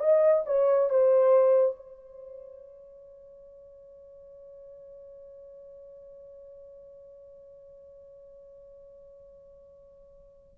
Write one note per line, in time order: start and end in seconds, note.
0.00 0.44 D#5
0.46 0.90 C#5
0.90 1.76 C5
1.76 10.58 C#5